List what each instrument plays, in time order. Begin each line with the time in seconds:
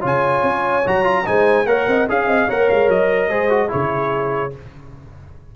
0.00 tuba C#3, trombone F4, horn C#5, trumpet G#5
0.42 tuba C#4
0.86 tuba F#3, trombone F#4, trumpet A#5
1.03 trombone F4
1.25 tuba G#3, trombone D#4, horn C5, trumpet G#5
1.65 tuba A#3, trombone A#4, horn C#5, trumpet F#5
1.87 tuba C4, horn D#5
2.08 tuba C#4, trombone G#4, horn F5, trumpet F5
2.27 tuba C4, horn D#5
2.47 tuba A#3, trombone A#4, horn C#5, trumpet F#5
2.69 tuba G#3, trumpet F5
2.88 tuba F#3, trumpet D#5
3.28 tuba G#3, trombone G#4, horn C5
3.49 trombone F#4
3.68 tuba C#3, trombone E4, horn G#4, trumpet C#5